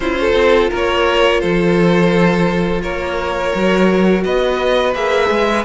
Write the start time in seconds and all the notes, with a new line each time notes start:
0.00 C#4 E4 F4 C5
0.20 A4
0.33 C4
0.70 A#3 A#4 C#5
1.40 F3 A4 C5
2.81 A#3 A#4 C#5
3.54 F#3 F#4
4.23 B3 B4 D#5
4.94 A#3 G#4 E5
5.30 G#3